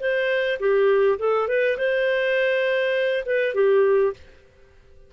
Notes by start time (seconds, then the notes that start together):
0.00 C5
0.60 G4
1.19 A4
1.48 B4
1.78 C5
3.26 B4
3.54 G4